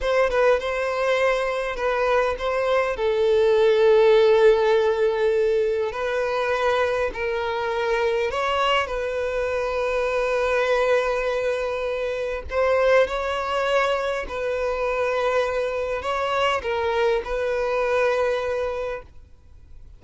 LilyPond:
\new Staff \with { instrumentName = "violin" } { \time 4/4 \tempo 4 = 101 c''8 b'8 c''2 b'4 | c''4 a'2.~ | a'2 b'2 | ais'2 cis''4 b'4~ |
b'1~ | b'4 c''4 cis''2 | b'2. cis''4 | ais'4 b'2. | }